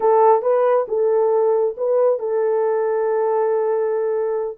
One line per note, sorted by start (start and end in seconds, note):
0.00 0.42 A4
0.42 0.86 B4
0.88 1.75 A4
1.77 2.19 B4
2.19 4.58 A4